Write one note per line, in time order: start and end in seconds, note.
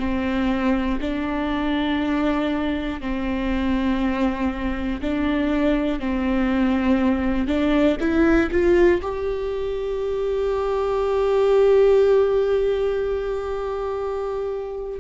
0.00 1.00 C4
1.01 3.01 D4
3.01 5.01 C4
5.02 6.00 D4
6.00 7.48 C4
7.48 7.98 D4
8.01 8.51 E4
8.52 9.02 F4
9.02 15.00 G4